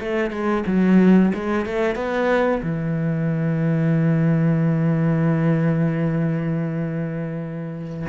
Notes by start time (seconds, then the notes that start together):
0.00 A3
0.31 G#3
0.67 F#3
1.34 G#3
1.65 A3
1.95 B3
2.62 E3